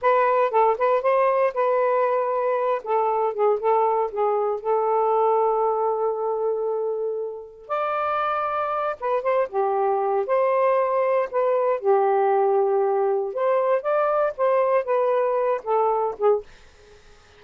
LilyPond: \new Staff \with { instrumentName = "saxophone" } { \time 4/4 \tempo 4 = 117 b'4 a'8 b'8 c''4 b'4~ | b'4. a'4 gis'8 a'4 | gis'4 a'2.~ | a'2. d''4~ |
d''4. b'8 c''8 g'4. | c''2 b'4 g'4~ | g'2 c''4 d''4 | c''4 b'4. a'4 gis'8 | }